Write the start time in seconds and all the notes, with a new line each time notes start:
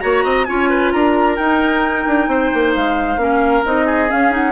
0.00 A#3 F#4 C#5 A#5
0.24 C4 D#5
0.45 C#4 F4 C#5 G#5
0.70 B4
0.92 D4 A#4 A#5
1.37 D#4 G5
2.07 D4
2.28 C4 C5
2.54 A#3
2.75 G#3 F5
3.17 A#3 C#4 A#4
3.66 C4 D#4 D#5
3.86 G#4
4.09 C#4 F5
4.31 D#4 F#5